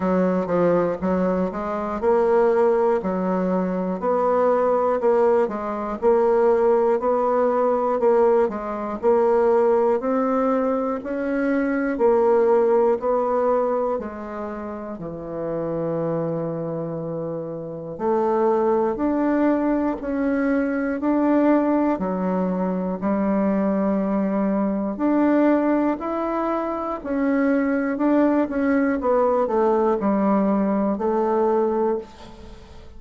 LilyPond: \new Staff \with { instrumentName = "bassoon" } { \time 4/4 \tempo 4 = 60 fis8 f8 fis8 gis8 ais4 fis4 | b4 ais8 gis8 ais4 b4 | ais8 gis8 ais4 c'4 cis'4 | ais4 b4 gis4 e4~ |
e2 a4 d'4 | cis'4 d'4 fis4 g4~ | g4 d'4 e'4 cis'4 | d'8 cis'8 b8 a8 g4 a4 | }